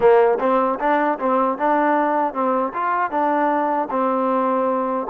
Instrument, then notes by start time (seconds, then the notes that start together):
trombone
0.00 A#3
0.39 C4
0.79 D4
1.19 C4
1.58 D4
2.33 C4
2.73 F4
3.10 D4
3.90 C4